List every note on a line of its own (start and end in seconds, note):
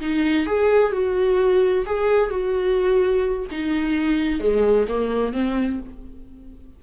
0.00 0.46 D#4
0.46 0.92 G#4
0.92 1.85 F#4
1.85 2.29 G#4
2.29 3.46 F#4
3.51 4.40 D#4
4.40 4.86 G#3
4.88 5.33 A#3
5.33 5.79 C4